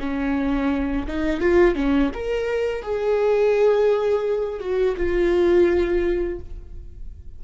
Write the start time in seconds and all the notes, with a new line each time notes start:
0.00 C#4
1.08 D#4
1.41 F4
1.76 C#4
2.14 A#4
2.83 G#4
4.60 F#4
4.97 F4